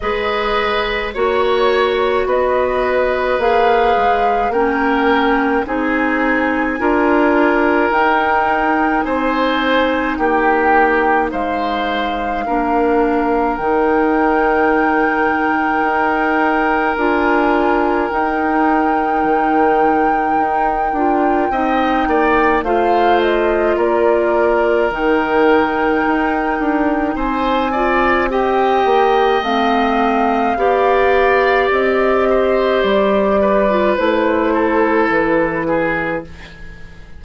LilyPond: <<
  \new Staff \with { instrumentName = "flute" } { \time 4/4 \tempo 4 = 53 dis''4 cis''4 dis''4 f''4 | g''4 gis''2 g''4 | gis''4 g''4 f''2 | g''2. gis''4 |
g''1 | f''8 dis''8 d''4 g''2 | gis''4 g''4 f''2 | dis''4 d''4 c''4 b'4 | }
  \new Staff \with { instrumentName = "oboe" } { \time 4/4 b'4 cis''4 b'2 | ais'4 gis'4 ais'2 | c''4 g'4 c''4 ais'4~ | ais'1~ |
ais'2. dis''8 d''8 | c''4 ais'2. | c''8 d''8 dis''2 d''4~ | d''8 c''4 b'4 a'4 gis'8 | }
  \new Staff \with { instrumentName = "clarinet" } { \time 4/4 gis'4 fis'2 gis'4 | cis'4 dis'4 f'4 dis'4~ | dis'2. d'4 | dis'2. f'4 |
dis'2~ dis'8 f'8 dis'4 | f'2 dis'2~ | dis'8 f'8 g'4 c'4 g'4~ | g'4.~ g'16 f'16 e'2 | }
  \new Staff \with { instrumentName = "bassoon" } { \time 4/4 gis4 ais4 b4 ais8 gis8 | ais4 c'4 d'4 dis'4 | c'4 ais4 gis4 ais4 | dis2 dis'4 d'4 |
dis'4 dis4 dis'8 d'8 c'8 ais8 | a4 ais4 dis4 dis'8 d'8 | c'4. ais8 a4 b4 | c'4 g4 a4 e4 | }
>>